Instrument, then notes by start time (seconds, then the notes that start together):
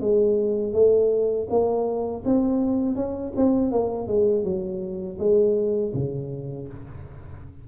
tuba
0.00 G#3
0.73 A3
1.49 A#3
2.25 C4
2.95 C#4
3.36 C4
3.71 A#3
4.07 G#3
4.43 F#3
5.18 G#3
5.93 C#3